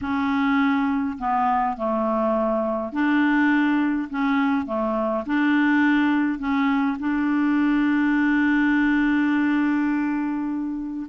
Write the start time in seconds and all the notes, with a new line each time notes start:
0.01 C#4
1.18 B3
1.76 A3
2.92 D4
4.10 C#4
4.66 A3
5.26 D4
6.38 C#4
6.99 D4